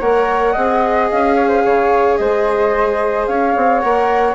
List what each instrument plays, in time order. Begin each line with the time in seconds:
0.00 bassoon A#3, viola A#4, flute C#5 F#5
0.53 bassoon C4, viola G#4, flute D#5
1.10 bassoon C#4, flute F5
1.35 flute C#5
1.48 flute C5
1.64 bassoon C#3, flute C#5
2.17 bassoon G#3, flute C5 D#5
3.26 bassoon C#4, flute C#5 F5
3.56 bassoon C4
3.79 bassoon A#3, viola A#4, flute F#5